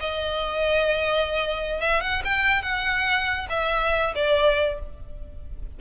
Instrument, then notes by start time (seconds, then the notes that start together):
violin
0.00 D#5
1.81 E5
2.01 F#5
2.25 G5
2.62 F#5
3.50 E5
4.15 D5